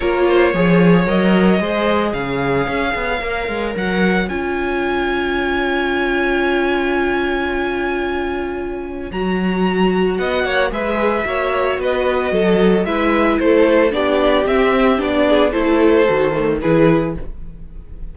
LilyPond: <<
  \new Staff \with { instrumentName = "violin" } { \time 4/4 \tempo 4 = 112 cis''2 dis''2 | f''2. fis''4 | gis''1~ | gis''1~ |
gis''4 ais''2 fis''4 | e''2 dis''2 | e''4 c''4 d''4 e''4 | d''4 c''2 b'4 | }
  \new Staff \with { instrumentName = "violin" } { \time 4/4 ais'8 c''8 cis''2 c''4 | cis''1~ | cis''1~ | cis''1~ |
cis''2. dis''8 cis''8 | b'4 cis''4 b'4 a'4 | b'4 a'4 g'2~ | g'8 gis'8 a'2 gis'4 | }
  \new Staff \with { instrumentName = "viola" } { \time 4/4 f'4 gis'4 ais'4 gis'4~ | gis'2 ais'2 | f'1~ | f'1~ |
f'4 fis'2. | gis'4 fis'2. | e'2 d'4 c'4 | d'4 e'4 fis'8 a8 e'4 | }
  \new Staff \with { instrumentName = "cello" } { \time 4/4 ais4 f4 fis4 gis4 | cis4 cis'8 b8 ais8 gis8 fis4 | cis'1~ | cis'1~ |
cis'4 fis2 b8 ais8 | gis4 ais4 b4 fis4 | gis4 a4 b4 c'4 | b4 a4 dis4 e4 | }
>>